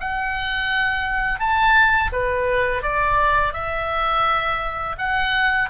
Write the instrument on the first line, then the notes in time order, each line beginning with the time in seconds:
oboe
0.00 F#5
1.40 A5
2.12 B4
2.82 D5
3.53 E5
4.98 F#5